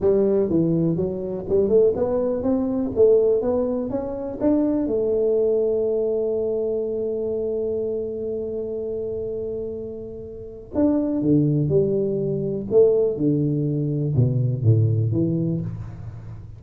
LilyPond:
\new Staff \with { instrumentName = "tuba" } { \time 4/4 \tempo 4 = 123 g4 e4 fis4 g8 a8 | b4 c'4 a4 b4 | cis'4 d'4 a2~ | a1~ |
a1~ | a2 d'4 d4 | g2 a4 d4~ | d4 b,4 a,4 e4 | }